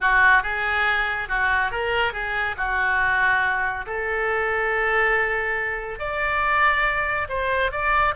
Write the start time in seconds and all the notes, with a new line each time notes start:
0.00 F#4
0.42 G#4
1.28 F#4
1.71 A#4
2.13 G#4
2.57 F#4
3.86 A4
5.99 D5
7.28 C5
7.71 D5